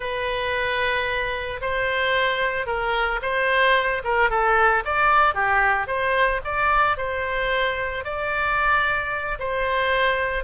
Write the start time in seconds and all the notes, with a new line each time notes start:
0.00 B4
1.61 C5
2.66 A#4
3.21 C5
4.03 A#4
4.30 A4
4.84 D5
5.34 G4
5.87 C5
6.44 D5
6.97 C5
8.04 D5
9.39 C5